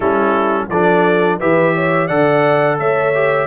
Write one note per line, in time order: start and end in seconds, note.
0.00 0.68 G3
0.00 0.70 C#4
0.00 0.68 E4
0.00 0.68 A4
0.69 1.39 F3
0.69 1.40 D4
0.69 1.39 A4
0.69 1.39 D5
1.39 2.09 E3
1.39 2.09 G4
1.39 1.74 B4
1.39 2.07 E5
1.74 2.08 C#5
2.07 2.79 D3
2.07 3.13 A4
2.07 2.77 D5
2.07 2.77 F#5
2.79 3.47 A3
2.79 3.47 C#5
2.79 3.47 E5
3.14 3.47 G4